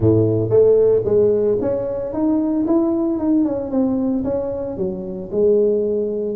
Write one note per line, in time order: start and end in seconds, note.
0.00 0.49 A2
0.49 1.02 A3
1.05 1.58 G#3
1.61 2.13 C#4
2.13 2.66 D#4
2.66 3.18 E4
3.18 3.45 D#4
3.45 3.70 C#4
3.70 4.23 C4
4.24 4.77 C#4
4.77 5.30 F#3
5.31 6.35 G#3